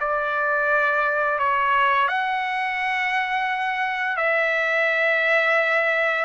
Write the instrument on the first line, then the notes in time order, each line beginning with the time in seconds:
trumpet
0.00 D5
1.39 C#5
2.08 F#5
4.17 E5